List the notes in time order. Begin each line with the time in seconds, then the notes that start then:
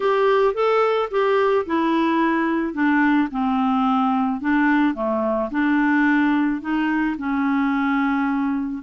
0.00 G4
0.54 A4
1.10 G4
1.66 E4
2.73 D4
3.31 C4
4.40 D4
4.94 A3
5.50 D4
6.61 D#4
7.17 C#4